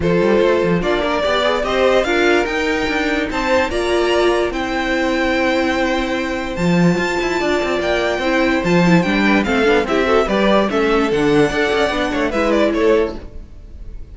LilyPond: <<
  \new Staff \with { instrumentName = "violin" } { \time 4/4 \tempo 4 = 146 c''2 d''2 | dis''4 f''4 g''2 | a''4 ais''2 g''4~ | g''1 |
a''2. g''4~ | g''4 a''4 g''4 f''4 | e''4 d''4 e''4 fis''4~ | fis''2 e''8 d''8 cis''4 | }
  \new Staff \with { instrumentName = "violin" } { \time 4/4 a'2 f'8 ais'8 d''4 | c''4 ais'2. | c''4 d''2 c''4~ | c''1~ |
c''2 d''2 | c''2~ c''8 b'8 a'4 | g'8 a'8 b'4 a'2 | d''4. cis''8 b'4 a'4 | }
  \new Staff \with { instrumentName = "viola" } { \time 4/4 f'2 d'4 g'8 gis'8 | g'4 f'4 dis'2~ | dis'4 f'2 e'4~ | e'1 |
f'1 | e'4 f'8 e'8 d'4 c'8 d'8 | e'8 fis'8 g'4 cis'4 d'4 | a'4 d'4 e'2 | }
  \new Staff \with { instrumentName = "cello" } { \time 4/4 f8 g8 a8 f8 ais4 b4 | c'4 d'4 dis'4 d'4 | c'4 ais2 c'4~ | c'1 |
f4 f'8 e'8 d'8 c'8 ais4 | c'4 f4 g4 a8 b8 | c'4 g4 a4 d4 | d'8 cis'8 b8 a8 gis4 a4 | }
>>